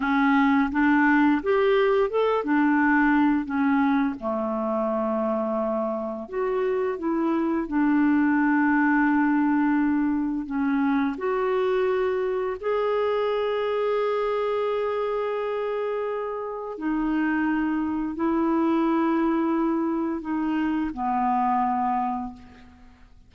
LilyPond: \new Staff \with { instrumentName = "clarinet" } { \time 4/4 \tempo 4 = 86 cis'4 d'4 g'4 a'8 d'8~ | d'4 cis'4 a2~ | a4 fis'4 e'4 d'4~ | d'2. cis'4 |
fis'2 gis'2~ | gis'1 | dis'2 e'2~ | e'4 dis'4 b2 | }